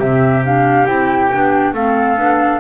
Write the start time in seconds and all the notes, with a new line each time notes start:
0.00 C3 C4 G4 E5
0.45 D4 F5
0.87 C4 E4 G5
1.33 B3 D4
1.74 A3 C4 A4 F5
2.18 B3 D4